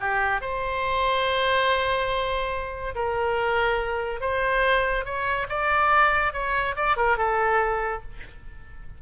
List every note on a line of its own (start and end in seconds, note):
0.00 0.41 G4
0.41 2.95 C5
2.95 4.21 A#4
4.21 5.05 C5
5.05 5.47 C#5
5.49 6.33 D5
6.33 6.75 C#5
6.76 6.97 D5
6.97 7.18 A#4
7.18 8.02 A4